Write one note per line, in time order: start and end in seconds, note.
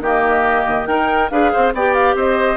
0.00 0.65 D#3
0.00 0.85 A#3
0.00 0.88 G4
0.00 0.86 D#5
0.66 0.87 D#2
0.85 1.30 D#4
0.85 1.28 A#4
0.85 1.31 A#4
0.85 1.29 G5
1.29 1.52 D4
1.29 1.74 G#4
1.29 1.51 B4
1.29 1.72 F5
1.51 1.73 C4
1.51 1.73 C5
1.73 2.14 B3
1.73 2.57 G4
1.73 2.16 D5
1.73 1.94 G5
1.94 2.15 F5
2.14 2.57 C4
2.14 2.57 C5
2.14 2.57 D#5